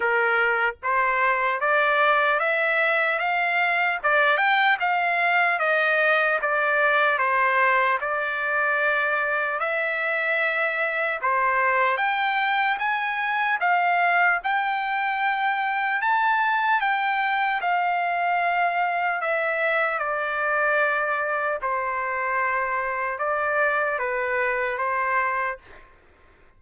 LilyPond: \new Staff \with { instrumentName = "trumpet" } { \time 4/4 \tempo 4 = 75 ais'4 c''4 d''4 e''4 | f''4 d''8 g''8 f''4 dis''4 | d''4 c''4 d''2 | e''2 c''4 g''4 |
gis''4 f''4 g''2 | a''4 g''4 f''2 | e''4 d''2 c''4~ | c''4 d''4 b'4 c''4 | }